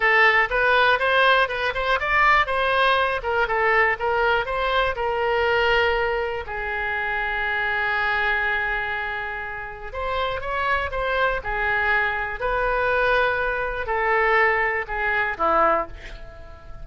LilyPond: \new Staff \with { instrumentName = "oboe" } { \time 4/4 \tempo 4 = 121 a'4 b'4 c''4 b'8 c''8 | d''4 c''4. ais'8 a'4 | ais'4 c''4 ais'2~ | ais'4 gis'2.~ |
gis'1 | c''4 cis''4 c''4 gis'4~ | gis'4 b'2. | a'2 gis'4 e'4 | }